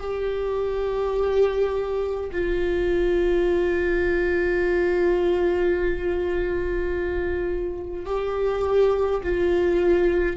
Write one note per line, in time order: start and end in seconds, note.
0.00 2.31 G4
2.32 8.06 F4
8.06 9.22 G4
9.23 10.37 F4